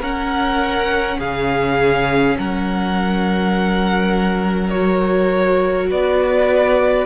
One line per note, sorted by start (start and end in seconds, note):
0.00 1.19 C#4
0.00 4.73 C#4
0.00 1.18 A#4
0.00 1.20 F#5
1.18 2.37 C#3
1.18 2.36 G#4
1.18 2.38 F5
2.37 5.92 F#3
2.37 5.89 A#4
2.37 4.70 F#5
4.70 7.06 F#4
4.70 5.87 C#5
5.89 7.06 B3
5.89 7.06 B4
5.89 7.06 D5